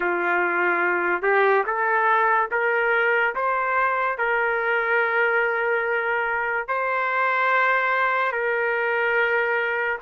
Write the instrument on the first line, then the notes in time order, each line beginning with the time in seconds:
trumpet
0.00 F4
1.22 G4
1.66 A4
2.51 A#4
3.35 C5
4.17 A#4
6.67 C5
8.31 A#4